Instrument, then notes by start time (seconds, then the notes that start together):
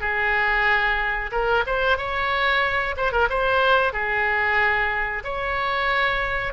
oboe
0.00 G#4
1.31 A#4
1.66 C5
1.97 C#5
2.97 C5
3.12 A#4
3.29 C5
3.92 G#4
5.24 C#5